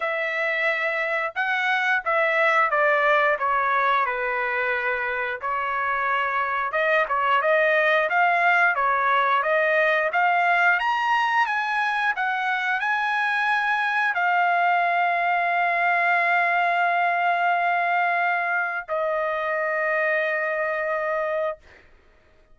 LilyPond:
\new Staff \with { instrumentName = "trumpet" } { \time 4/4 \tempo 4 = 89 e''2 fis''4 e''4 | d''4 cis''4 b'2 | cis''2 dis''8 cis''8 dis''4 | f''4 cis''4 dis''4 f''4 |
ais''4 gis''4 fis''4 gis''4~ | gis''4 f''2.~ | f''1 | dis''1 | }